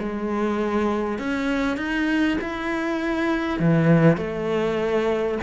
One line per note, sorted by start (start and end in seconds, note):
0.00 1.19 G#3
1.19 1.78 C#4
1.78 2.38 D#4
2.41 3.60 E4
3.60 4.17 E3
4.17 5.39 A3